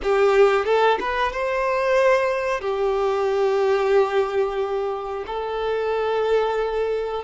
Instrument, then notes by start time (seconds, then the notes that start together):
violin
0.02 G4
0.65 A4
1.00 B4
1.32 C5
2.60 G4
5.27 A4